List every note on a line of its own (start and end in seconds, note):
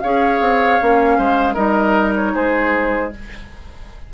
0.00 0.40 C#4
0.00 0.81 G#4
0.00 1.18 C#5
0.00 1.54 F5
0.40 0.79 C4
0.81 1.18 A#3
0.81 1.55 C#4
1.18 1.56 G#3
1.18 1.54 C5
1.54 2.34 G3
1.54 3.11 D#4
1.54 2.32 A#4
1.54 2.13 D#5
2.16 2.35 C#5
2.34 3.13 G#3
2.34 3.12 G#4
2.34 3.13 C5